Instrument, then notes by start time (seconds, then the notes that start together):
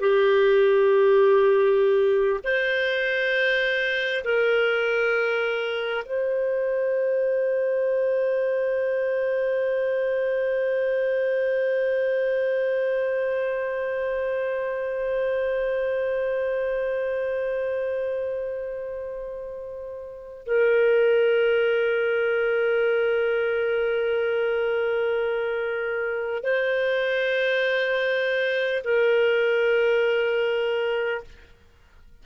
clarinet
0.00 G4
2.43 C5
4.24 A#4
6.05 C5
20.45 A#4
26.43 C5
28.84 A#4